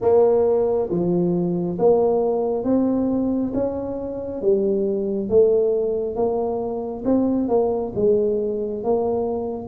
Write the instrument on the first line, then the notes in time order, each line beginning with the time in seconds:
tuba
0.01 A#3
0.89 F3
1.78 A#3
2.64 C4
3.54 C#4
4.41 G3
5.29 A3
6.15 A#3
7.04 C4
7.48 A#3
7.95 G#3
8.83 A#3